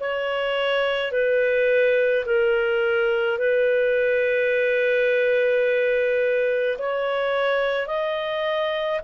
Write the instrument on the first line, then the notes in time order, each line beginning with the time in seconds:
clarinet
0.00 C#5
1.12 B4
2.25 A#4
3.38 B4
6.78 C#5
7.87 D#5